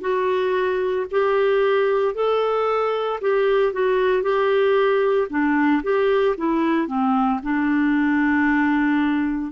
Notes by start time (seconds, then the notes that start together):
0.00 F#4
1.11 G4
2.14 A4
3.21 G4
3.72 F#4
4.22 G4
5.29 D4
5.83 G4
6.37 E4
6.87 C4
7.43 D4